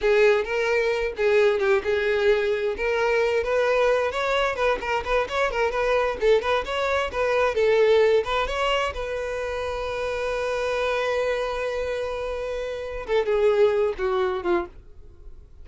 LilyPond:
\new Staff \with { instrumentName = "violin" } { \time 4/4 \tempo 4 = 131 gis'4 ais'4. gis'4 g'8 | gis'2 ais'4. b'8~ | b'4 cis''4 b'8 ais'8 b'8 cis''8 | ais'8 b'4 a'8 b'8 cis''4 b'8~ |
b'8 a'4. b'8 cis''4 b'8~ | b'1~ | b'1~ | b'8 a'8 gis'4. fis'4 f'8 | }